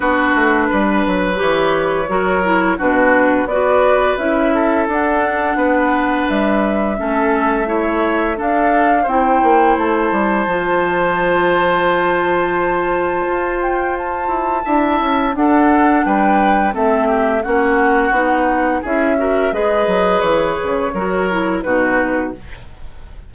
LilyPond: <<
  \new Staff \with { instrumentName = "flute" } { \time 4/4 \tempo 4 = 86 b'2 cis''2 | b'4 d''4 e''4 fis''4~ | fis''4 e''2. | f''4 g''4 a''2~ |
a''2.~ a''8 g''8 | a''2 fis''4 g''4 | e''4 fis''2 e''4 | dis''4 cis''2 b'4 | }
  \new Staff \with { instrumentName = "oboe" } { \time 4/4 fis'4 b'2 ais'4 | fis'4 b'4. a'4. | b'2 a'4 cis''4 | a'4 c''2.~ |
c''1~ | c''4 e''4 a'4 b'4 | a'8 g'8 fis'2 gis'8 ais'8 | b'2 ais'4 fis'4 | }
  \new Staff \with { instrumentName = "clarinet" } { \time 4/4 d'2 g'4 fis'8 e'8 | d'4 fis'4 e'4 d'4~ | d'2 cis'4 e'4 | d'4 e'2 f'4~ |
f'1~ | f'4 e'4 d'2 | c'4 cis'4 dis'4 e'8 fis'8 | gis'2 fis'8 e'8 dis'4 | }
  \new Staff \with { instrumentName = "bassoon" } { \time 4/4 b8 a8 g8 fis8 e4 fis4 | b,4 b4 cis'4 d'4 | b4 g4 a2 | d'4 c'8 ais8 a8 g8 f4~ |
f2. f'4~ | f'8 e'8 d'8 cis'8 d'4 g4 | a4 ais4 b4 cis'4 | gis8 fis8 e8 cis8 fis4 b,4 | }
>>